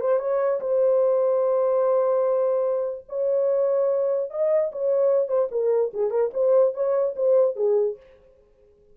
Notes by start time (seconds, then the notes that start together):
0.00 C5
0.19 C#5
0.60 C5
3.08 C#5
4.30 D#5
4.72 C#5
5.27 C5
5.51 A#4
5.93 G#4
6.10 A#4
6.33 C5
6.74 C#5
7.16 C5
7.56 G#4